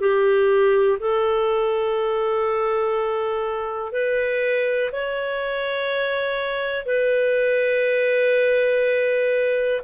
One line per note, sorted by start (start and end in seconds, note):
0.00 0.98 G4
0.99 3.92 A4
3.92 4.90 B4
4.92 6.85 C#5
6.85 9.80 B4